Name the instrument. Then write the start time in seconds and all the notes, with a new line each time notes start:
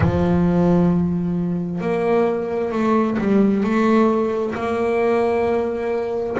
double bass
0.00 F3
1.81 A#3
2.71 A3
3.18 G3
3.63 A3
4.55 A#3